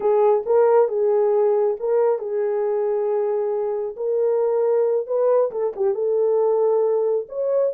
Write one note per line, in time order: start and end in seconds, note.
0.00 0.44 G#4
0.46 0.88 A#4
0.88 1.76 G#4
1.79 2.19 A#4
2.19 3.95 G#4
3.96 5.06 A#4
5.06 5.50 B4
5.51 5.73 A4
5.76 5.94 G4
5.94 7.27 A4
7.29 7.73 C#5